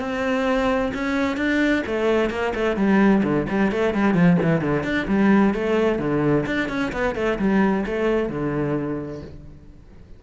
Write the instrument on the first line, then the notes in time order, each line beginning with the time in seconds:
cello
0.00 C4
0.94 C#4
1.37 D4
1.87 A3
2.30 A#3
2.55 A3
2.77 G3
3.23 D3
3.50 G3
3.72 A3
3.94 G3
4.14 F3
4.43 E3
4.62 D3
4.84 D4
5.08 G3
5.54 A3
5.99 D3
6.46 D4
6.69 C#4
6.93 B3
7.16 A3
7.39 G3
7.86 A3
8.30 D3